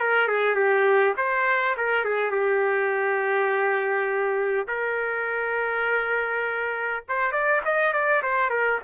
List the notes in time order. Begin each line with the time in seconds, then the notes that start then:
0.00 A#4
0.28 G#4
0.56 G4
1.17 C5
1.77 A#4
2.05 G#4
2.32 G4
4.68 A#4
7.09 C5
7.32 D5
7.65 D#5
7.93 D5
8.23 C5
8.50 A#4